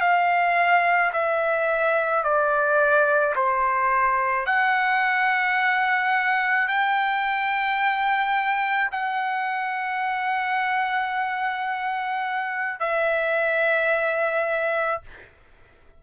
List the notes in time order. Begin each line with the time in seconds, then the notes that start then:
0.00 F5
1.13 E5
2.23 D5
3.35 C5
4.46 F#5
6.68 G5
8.91 F#5
12.79 E5